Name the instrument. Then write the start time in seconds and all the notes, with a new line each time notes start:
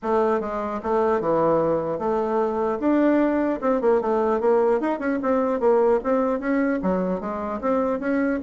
bassoon
0.02 A3
0.40 G#3
0.82 A3
1.20 E3
1.99 A3
2.79 D4
3.61 C4
3.81 A#3
4.01 A3
4.40 A#3
4.80 D#4
4.99 C#4
5.22 C4
5.60 A#3
6.03 C4
6.39 C#4
6.82 F#3
7.20 G#3
7.61 C4
7.99 C#4